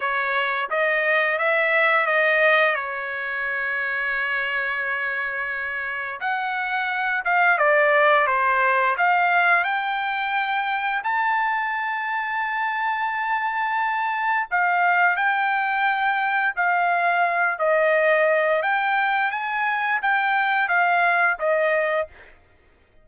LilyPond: \new Staff \with { instrumentName = "trumpet" } { \time 4/4 \tempo 4 = 87 cis''4 dis''4 e''4 dis''4 | cis''1~ | cis''4 fis''4. f''8 d''4 | c''4 f''4 g''2 |
a''1~ | a''4 f''4 g''2 | f''4. dis''4. g''4 | gis''4 g''4 f''4 dis''4 | }